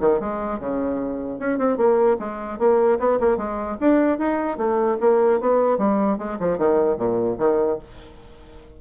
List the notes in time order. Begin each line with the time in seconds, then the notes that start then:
0.00 D#3
0.20 G#3
0.59 C#3
1.39 C#4
1.58 C4
1.77 A#3
2.19 G#3
2.59 A#3
2.99 B3
3.20 A#3
3.37 G#3
3.80 D4
4.18 D#4
4.58 A3
5.00 A#3
5.40 B3
5.78 G3
6.18 G#3
6.40 F3
6.58 D#3
6.98 A#2
7.38 D#3